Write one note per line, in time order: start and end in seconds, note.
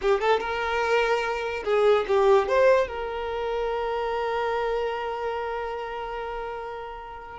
0.01 0.20 G4
0.20 0.40 A4
0.40 1.63 A#4
1.64 2.05 G#4
2.07 2.48 G4
2.48 2.87 C5
2.87 7.39 A#4